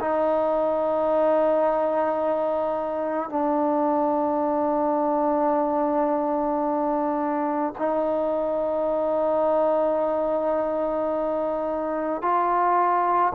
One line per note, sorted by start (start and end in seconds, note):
0.00 3.29 D#4
3.29 7.74 D4
7.78 12.22 D#4
12.22 13.33 F4